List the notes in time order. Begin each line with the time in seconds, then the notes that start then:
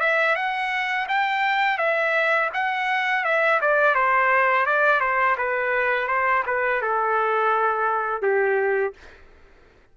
0.00 E5
0.35 F#5
1.08 G5
1.78 E5
2.54 F#5
3.24 E5
3.61 D5
3.95 C5
4.66 D5
5.00 C5
5.38 B4
6.08 C5
6.46 B4
6.81 A4
8.22 G4